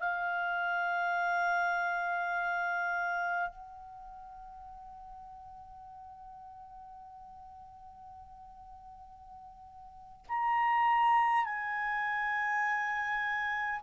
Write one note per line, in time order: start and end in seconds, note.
0.00 3.50 F5
3.50 10.27 F#5
10.29 11.45 A#5
11.45 13.81 G#5